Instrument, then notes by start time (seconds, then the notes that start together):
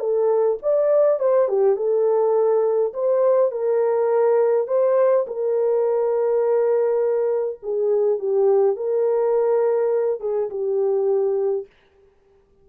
horn
0.00 A4
0.62 D5
1.20 C5
1.49 G4
1.77 A4
2.94 C5
3.52 A#4
4.68 C5
5.27 A#4
7.63 G#4
8.20 G4
8.77 A#4
10.21 G#4
10.50 G4